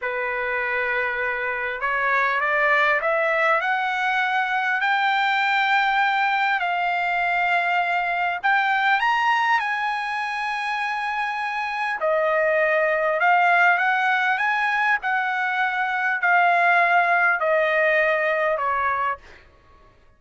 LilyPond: \new Staff \with { instrumentName = "trumpet" } { \time 4/4 \tempo 4 = 100 b'2. cis''4 | d''4 e''4 fis''2 | g''2. f''4~ | f''2 g''4 ais''4 |
gis''1 | dis''2 f''4 fis''4 | gis''4 fis''2 f''4~ | f''4 dis''2 cis''4 | }